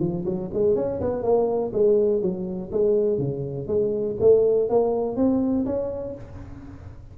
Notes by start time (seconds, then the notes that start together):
0.00 F3
0.25 F#3
0.53 G#3
0.76 C#4
1.01 B3
1.23 A#3
1.73 G#3
2.22 F#3
2.72 G#3
3.18 C#3
3.67 G#3
4.20 A3
4.69 A#3
5.16 C4
5.66 C#4